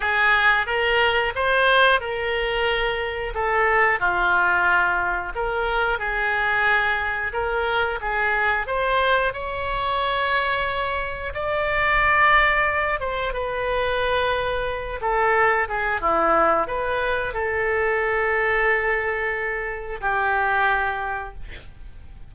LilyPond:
\new Staff \with { instrumentName = "oboe" } { \time 4/4 \tempo 4 = 90 gis'4 ais'4 c''4 ais'4~ | ais'4 a'4 f'2 | ais'4 gis'2 ais'4 | gis'4 c''4 cis''2~ |
cis''4 d''2~ d''8 c''8 | b'2~ b'8 a'4 gis'8 | e'4 b'4 a'2~ | a'2 g'2 | }